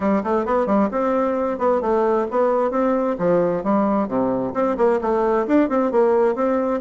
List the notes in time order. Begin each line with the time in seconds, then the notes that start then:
0.00 G3
0.23 A3
0.45 B3
0.66 G3
0.91 C4
1.58 B3
1.81 A3
2.31 B3
2.70 C4
3.18 F3
3.63 G3
4.08 C3
4.54 C4
4.77 A#3
5.01 A3
5.47 D4
5.69 C4
5.91 A#3
6.35 C4